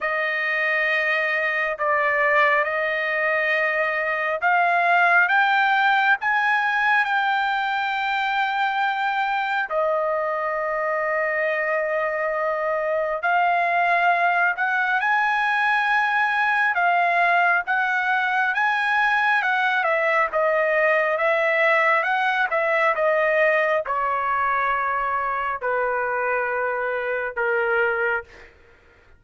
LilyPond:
\new Staff \with { instrumentName = "trumpet" } { \time 4/4 \tempo 4 = 68 dis''2 d''4 dis''4~ | dis''4 f''4 g''4 gis''4 | g''2. dis''4~ | dis''2. f''4~ |
f''8 fis''8 gis''2 f''4 | fis''4 gis''4 fis''8 e''8 dis''4 | e''4 fis''8 e''8 dis''4 cis''4~ | cis''4 b'2 ais'4 | }